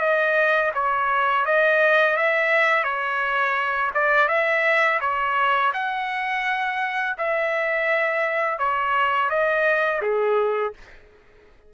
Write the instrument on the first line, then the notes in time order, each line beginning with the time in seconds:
trumpet
0.00 D#5
0.74 C#5
1.45 D#5
2.16 E5
2.84 C#5
3.94 D5
4.28 E5
5.01 C#5
5.73 F#5
7.18 E5
8.59 C#5
9.30 D#5
10.02 G#4